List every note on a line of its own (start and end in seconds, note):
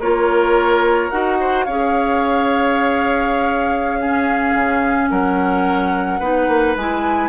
0.00 1.10 A#3
0.00 1.12 F4
0.00 1.38 A#4
0.00 1.10 C#5
1.10 1.67 D#4
1.10 1.67 F#4
1.10 1.65 F#5
1.40 1.65 C5
1.65 4.55 C#4
1.65 4.02 G#4
1.65 3.99 C#5
1.65 5.09 F5
4.00 6.22 C#4
4.00 5.10 G#4
4.55 5.10 C#3
5.10 6.20 F#3
5.10 6.19 A#4
5.10 6.75 F#5
6.19 6.47 B3
6.19 6.77 D#4
6.19 7.29 B4
6.48 6.75 A#3
6.76 7.29 G#3
6.76 7.29 E4
6.76 7.29 G#5